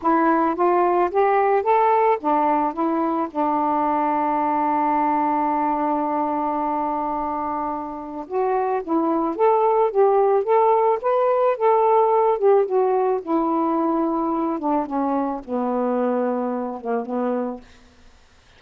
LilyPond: \new Staff \with { instrumentName = "saxophone" } { \time 4/4 \tempo 4 = 109 e'4 f'4 g'4 a'4 | d'4 e'4 d'2~ | d'1~ | d'2. fis'4 |
e'4 a'4 g'4 a'4 | b'4 a'4. g'8 fis'4 | e'2~ e'8 d'8 cis'4 | b2~ b8 ais8 b4 | }